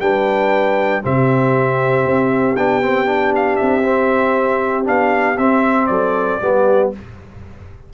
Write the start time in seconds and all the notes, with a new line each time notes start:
0.00 G3 D4 B4 G5
1.02 C3 C4 G4 E5
2.06 C4
2.56 B3 D4 G5
2.82 C4
3.05 D4
3.35 F5
3.56 C4 E5
3.83 C4
4.84 B3 D4 F5
5.38 C4 E5
5.87 F#3 A4 D5
6.41 G3 B3 G4